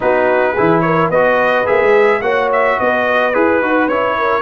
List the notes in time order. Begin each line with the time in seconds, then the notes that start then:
0.00 B3 D#4 F#4 B4
0.52 E3 E4 G#4
0.80 A#4 C#5
1.09 B3 F#4 B4 D#5
1.65 A#3 G#4 E5
1.82 G#3
2.21 A#3 F#4 C#5 F#5
2.52 E5
2.79 B3 B4 D#5
3.33 E4 G#4 B4
3.62 D#4 F#4
3.87 C#4 E4 C#5
4.17 A#4